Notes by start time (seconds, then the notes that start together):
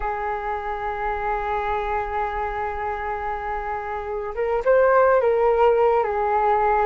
0.00 G#4
4.34 A#4
4.64 C5
5.20 A#4
6.03 G#4